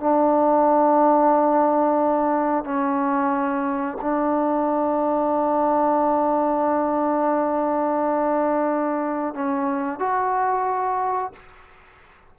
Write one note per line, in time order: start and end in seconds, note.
0.00 2.65 D4
2.65 3.98 C#4
4.02 9.35 D4
9.35 9.99 C#4
9.99 11.32 F#4